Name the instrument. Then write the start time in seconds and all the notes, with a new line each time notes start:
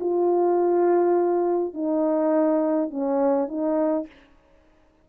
horn
0.00 F4
1.74 D#4
2.90 C#4
3.48 D#4